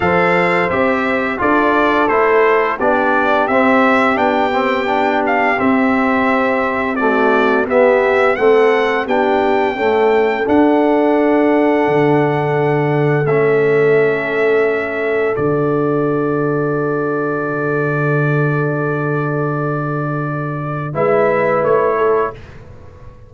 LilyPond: <<
  \new Staff \with { instrumentName = "trumpet" } { \time 4/4 \tempo 4 = 86 f''4 e''4 d''4 c''4 | d''4 e''4 g''4. f''8 | e''2 d''4 e''4 | fis''4 g''2 fis''4~ |
fis''2. e''4~ | e''2 d''2~ | d''1~ | d''2 e''4 cis''4 | }
  \new Staff \with { instrumentName = "horn" } { \time 4/4 c''2 a'2 | g'1~ | g'2 fis'4 g'4 | a'4 g'4 a'2~ |
a'1~ | a'1~ | a'1~ | a'2 b'4. a'8 | }
  \new Staff \with { instrumentName = "trombone" } { \time 4/4 a'4 g'4 f'4 e'4 | d'4 c'4 d'8 c'8 d'4 | c'2 a4 b4 | c'4 d'4 a4 d'4~ |
d'2. cis'4~ | cis'2 fis'2~ | fis'1~ | fis'2 e'2 | }
  \new Staff \with { instrumentName = "tuba" } { \time 4/4 f4 c'4 d'4 a4 | b4 c'4 b2 | c'2. b4 | a4 b4 cis'4 d'4~ |
d'4 d2 a4~ | a2 d2~ | d1~ | d2 gis4 a4 | }
>>